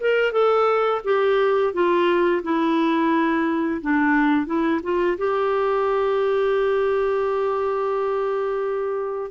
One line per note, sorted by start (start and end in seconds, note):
0.00 0.32 A#4
0.32 1.01 A4
1.04 1.73 G4
1.73 2.42 F4
2.43 3.81 E4
3.81 4.46 D4
4.46 4.80 E4
4.83 5.17 F4
5.18 9.31 G4